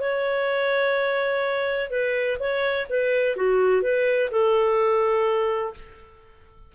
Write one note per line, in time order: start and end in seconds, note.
0.00 1.90 C#5
1.90 2.37 B4
2.39 2.87 C#5
2.89 3.36 B4
3.36 3.82 F#4
3.82 4.29 B4
4.31 5.74 A4